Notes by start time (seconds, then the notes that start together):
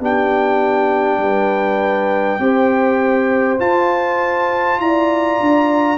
0.00 B3 D4 G4 G5
1.19 G3 B4
2.39 C4 G4 C5
3.59 F4 A5
4.79 E4 D5 A#5
5.40 D4